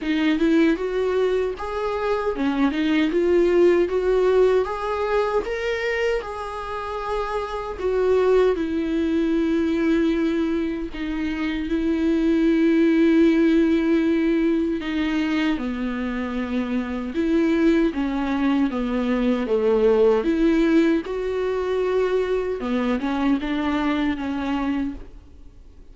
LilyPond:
\new Staff \with { instrumentName = "viola" } { \time 4/4 \tempo 4 = 77 dis'8 e'8 fis'4 gis'4 cis'8 dis'8 | f'4 fis'4 gis'4 ais'4 | gis'2 fis'4 e'4~ | e'2 dis'4 e'4~ |
e'2. dis'4 | b2 e'4 cis'4 | b4 a4 e'4 fis'4~ | fis'4 b8 cis'8 d'4 cis'4 | }